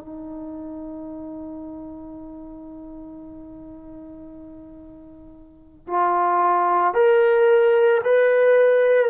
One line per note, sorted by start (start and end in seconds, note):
0.00 5.87 D#4
5.87 6.94 F4
6.94 8.01 A#4
8.04 9.10 B4